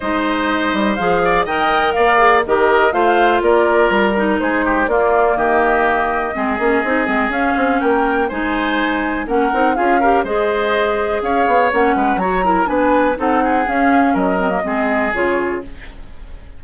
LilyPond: <<
  \new Staff \with { instrumentName = "flute" } { \time 4/4 \tempo 4 = 123 dis''2 f''4 g''4 | f''4 dis''4 f''4 d''4 | ais'4 c''4 d''4 dis''4~ | dis''2. f''4 |
g''4 gis''2 fis''4 | f''4 dis''2 f''4 | fis''4 ais''4 gis''4 fis''4 | f''4 dis''2 cis''4 | }
  \new Staff \with { instrumentName = "oboe" } { \time 4/4 c''2~ c''8 d''8 dis''4 | d''4 ais'4 c''4 ais'4~ | ais'4 gis'8 g'8 f'4 g'4~ | g'4 gis'2. |
ais'4 c''2 ais'4 | gis'8 ais'8 c''2 cis''4~ | cis''8 b'8 cis''8 ais'8 b'4 a'8 gis'8~ | gis'4 ais'4 gis'2 | }
  \new Staff \with { instrumentName = "clarinet" } { \time 4/4 dis'2 gis'4 ais'4~ | ais'8 gis'8 g'4 f'2~ | f'8 dis'4. ais2~ | ais4 c'8 cis'8 dis'8 c'8 cis'4~ |
cis'4 dis'2 cis'8 dis'8 | f'8 g'8 gis'2. | cis'4 fis'8 e'8 d'4 dis'4 | cis'4. c'16 ais16 c'4 f'4 | }
  \new Staff \with { instrumentName = "bassoon" } { \time 4/4 gis4. g8 f4 dis4 | ais4 dis4 a4 ais4 | g4 gis4 ais4 dis4~ | dis4 gis8 ais8 c'8 gis8 cis'8 c'8 |
ais4 gis2 ais8 c'8 | cis'4 gis2 cis'8 b8 | ais8 gis8 fis4 b4 c'4 | cis'4 fis4 gis4 cis4 | }
>>